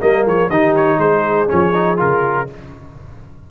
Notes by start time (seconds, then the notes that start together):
0.00 G3 A#3 A#4 D#5
0.25 F3 G#4 C#5
0.50 D#3 D#4 G4 D#5
0.76 C#5
0.99 G#3 G#4 C5
1.48 F3 C#4 C#5
1.74 D#4
1.97 C#3 F4 A#4